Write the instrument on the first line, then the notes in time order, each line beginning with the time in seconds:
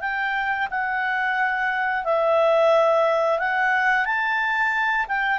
clarinet
0.00 G5
0.70 F#5
2.04 E5
3.38 F#5
4.04 A5
5.07 G5